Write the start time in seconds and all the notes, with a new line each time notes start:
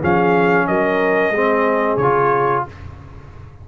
0.00 F3 C#4 G#4 F5
0.67 F#3 A#4 D#5
1.30 G#3 C4 G#4
1.97 C#3 F4 C#5